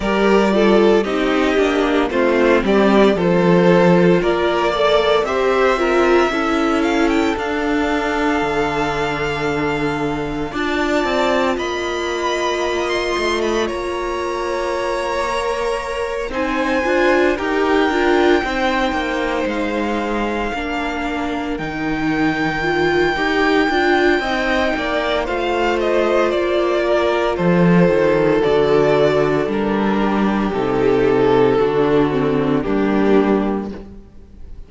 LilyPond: <<
  \new Staff \with { instrumentName = "violin" } { \time 4/4 \tempo 4 = 57 d''4 dis''4 c''8 d''8 c''4 | d''4 e''4. f''16 g''16 f''4~ | f''2 a''4 b''4~ | b''16 c'''8 b''16 ais''2~ ais''8 gis''8~ |
gis''8 g''2 f''4.~ | f''8 g''2.~ g''8 | f''8 dis''8 d''4 c''4 d''4 | ais'4 a'2 g'4 | }
  \new Staff \with { instrumentName = "violin" } { \time 4/4 ais'8 a'8 g'4 f'8 g'8 a'4 | ais'8 d''8 c''8 ais'8 a'2~ | a'2 d''4 dis''4~ | dis''4 cis''2~ cis''8 c''8~ |
c''8 ais'4 c''2 ais'8~ | ais'2. dis''8 d''8 | c''4. ais'8 a'2~ | a'8 g'4. fis'4 d'4 | }
  \new Staff \with { instrumentName = "viola" } { \time 4/4 g'8 f'8 dis'8 d'8 c'4 f'4~ | f'8 a'8 g'8 f'8 e'4 d'4~ | d'2 f'2~ | f'2~ f'8 ais'4 dis'8 |
f'8 g'8 f'8 dis'2 d'8~ | d'8 dis'4 f'8 g'8 f'8 dis'4 | f'2. fis'4 | d'4 dis'4 d'8 c'8 ais4 | }
  \new Staff \with { instrumentName = "cello" } { \time 4/4 g4 c'8 ais8 a8 g8 f4 | ais4 c'4 cis'4 d'4 | d2 d'8 c'8 ais4~ | ais8 a8 ais2~ ais8 c'8 |
d'8 dis'8 d'8 c'8 ais8 gis4 ais8~ | ais8 dis4. dis'8 d'8 c'8 ais8 | a4 ais4 f8 dis8 d4 | g4 c4 d4 g4 | }
>>